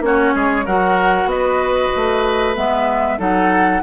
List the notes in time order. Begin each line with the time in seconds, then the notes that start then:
0.00 A#3 C#4 F#4 C#5
0.34 G#3 G#4
0.65 F#3 F#4 A#4 F#5
1.25 B3 B4 D#5
1.95 A3
2.54 G#3 B3 E5
3.18 F#3 D#4 A4 F#5